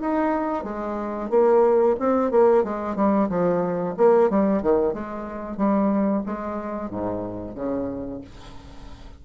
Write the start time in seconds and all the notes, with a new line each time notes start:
0.00 D#4
0.64 G#3
1.30 A#3
2.00 C4
2.31 A#3
2.64 G#3
2.96 G3
3.29 F3
3.97 A#3
4.29 G3
4.62 D#3
4.93 G#3
5.57 G3
6.26 G#3
6.90 G#2
7.55 C#3